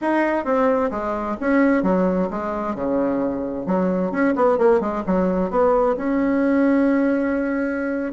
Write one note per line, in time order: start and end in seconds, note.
0.01 0.44 D#4
0.44 0.90 C4
0.90 1.36 G#3
1.40 1.82 C#4
1.82 2.28 F#3
2.30 2.75 G#3
2.75 3.66 C#3
3.66 4.11 F#3
4.11 4.34 C#4
4.35 4.58 B3
4.58 4.80 A#3
4.80 5.03 G#3
5.06 5.50 F#3
5.50 5.96 B3
5.96 8.12 C#4